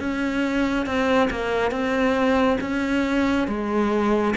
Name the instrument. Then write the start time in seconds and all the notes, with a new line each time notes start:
cello
0.00 C#4
0.86 C4
1.31 A#3
1.72 C4
2.61 C#4
3.48 G#3